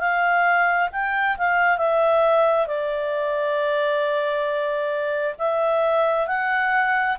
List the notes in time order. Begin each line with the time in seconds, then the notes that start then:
0.00 F5
0.92 G5
1.38 F5
1.78 E5
2.67 D5
5.39 E5
6.28 F#5